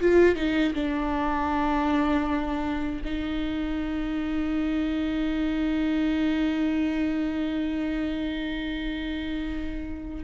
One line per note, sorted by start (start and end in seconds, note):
0.00 0.36 F4
0.36 0.74 D#4
0.74 3.01 D4
3.04 10.24 D#4